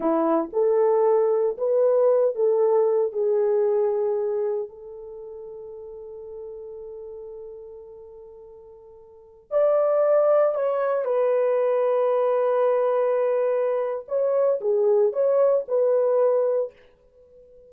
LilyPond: \new Staff \with { instrumentName = "horn" } { \time 4/4 \tempo 4 = 115 e'4 a'2 b'4~ | b'8 a'4. gis'2~ | gis'4 a'2.~ | a'1~ |
a'2~ a'16 d''4.~ d''16~ | d''16 cis''4 b'2~ b'8.~ | b'2. cis''4 | gis'4 cis''4 b'2 | }